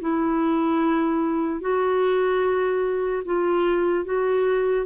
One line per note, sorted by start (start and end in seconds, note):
0.00 1.60 E4
1.60 3.22 F#4
3.25 4.05 F4
4.05 4.86 F#4